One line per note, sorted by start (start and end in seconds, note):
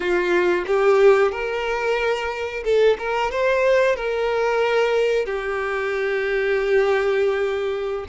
0.00 0.64 F4
0.67 1.31 G4
1.31 2.63 A#4
2.64 2.97 A4
2.98 3.31 A#4
3.31 3.96 C5
3.96 5.25 A#4
5.25 8.05 G4